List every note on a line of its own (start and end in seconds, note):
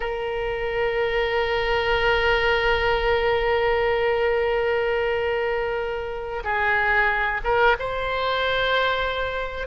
0.00 6.43 A#4
6.44 7.40 G#4
7.44 7.76 A#4
7.79 9.67 C5